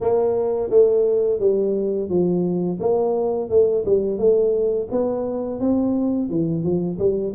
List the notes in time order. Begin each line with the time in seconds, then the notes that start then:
0.00 A#3
0.69 A3
1.39 G3
2.09 F3
2.80 A#3
3.49 A3
3.85 G3
4.18 A3
4.91 B3
5.59 C4
6.29 E3
6.63 F3
6.98 G3